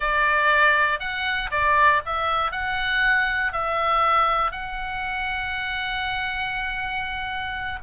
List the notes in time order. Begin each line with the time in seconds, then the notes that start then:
0.00 D5
0.99 F#5
1.51 D5
2.05 E5
2.51 F#5
3.52 E5
4.51 F#5